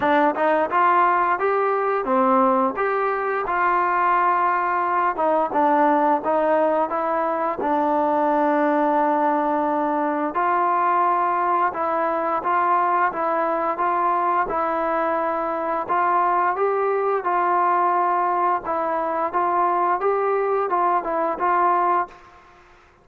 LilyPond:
\new Staff \with { instrumentName = "trombone" } { \time 4/4 \tempo 4 = 87 d'8 dis'8 f'4 g'4 c'4 | g'4 f'2~ f'8 dis'8 | d'4 dis'4 e'4 d'4~ | d'2. f'4~ |
f'4 e'4 f'4 e'4 | f'4 e'2 f'4 | g'4 f'2 e'4 | f'4 g'4 f'8 e'8 f'4 | }